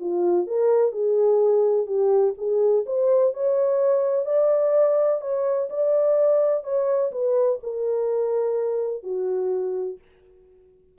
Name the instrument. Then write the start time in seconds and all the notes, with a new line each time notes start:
horn
0.00 F4
0.47 A#4
0.92 G#4
1.86 G4
2.38 G#4
2.86 C5
3.34 C#5
4.26 D5
5.21 C#5
5.70 D5
6.64 C#5
7.11 B4
7.63 A#4
9.03 F#4